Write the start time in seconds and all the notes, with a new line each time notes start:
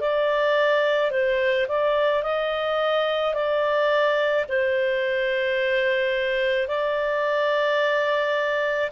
0.00 D5
1.11 C5
1.68 D5
2.23 D#5
3.34 D5
4.48 C5
6.68 D5